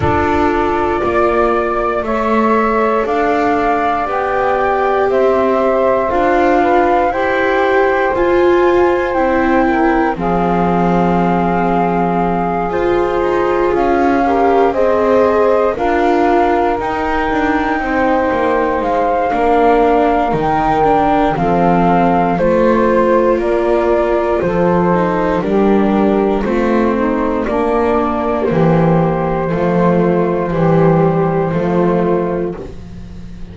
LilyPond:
<<
  \new Staff \with { instrumentName = "flute" } { \time 4/4 \tempo 4 = 59 d''2 e''4 f''4 | g''4 e''4 f''4 g''4 | gis''4 g''4 f''2~ | f''8 c''4 f''4 dis''4 f''8~ |
f''8 g''2 f''4. | g''4 f''4 c''4 d''4 | c''4 ais'4 c''4 d''4 | c''1 | }
  \new Staff \with { instrumentName = "saxophone" } { \time 4/4 a'4 d''4 cis''4 d''4~ | d''4 c''4. b'8 c''4~ | c''4. ais'8 gis'2~ | gis'2 ais'8 c''4 ais'8~ |
ais'4. c''4. ais'4~ | ais'4 a'4 c''4 ais'4 | a'4 g'4 f'8 dis'8 d'4 | g'4 f'4 g'4 f'4 | }
  \new Staff \with { instrumentName = "viola" } { \time 4/4 f'2 a'2 | g'2 f'4 g'4 | f'4 e'4 c'2~ | c'8 f'4. g'8 gis'4 f'8~ |
f'8 dis'2~ dis'8 d'4 | dis'8 d'8 c'4 f'2~ | f'8 dis'8 d'4 c'4 ais4~ | ais4 a4 g4 a4 | }
  \new Staff \with { instrumentName = "double bass" } { \time 4/4 d'4 ais4 a4 d'4 | b4 c'4 d'4 e'4 | f'4 c'4 f2~ | f8 f'8 dis'8 cis'4 c'4 d'8~ |
d'8 dis'8 d'8 c'8 ais8 gis8 ais4 | dis4 f4 a4 ais4 | f4 g4 a4 ais4 | e4 f4 e4 f4 | }
>>